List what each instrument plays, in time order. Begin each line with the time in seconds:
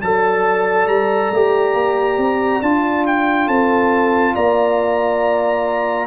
0.00 tuba F#3, trombone A4, horn D5, trumpet A5
0.87 tuba G3, trumpet A#5
1.32 tuba A3, trombone G4
1.74 tuba A#3
2.18 tuba C4
2.62 tuba D4, trombone F4, trumpet A5
3.07 trumpet G5
3.47 tuba C4, horn A4, trumpet A5
4.35 tuba A#3, horn D5, trumpet A#5